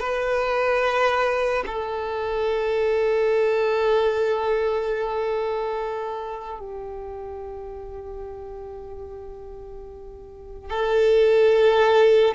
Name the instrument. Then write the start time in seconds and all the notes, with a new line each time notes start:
violin
0.00 B4
1.67 A4
6.60 G4
10.71 A4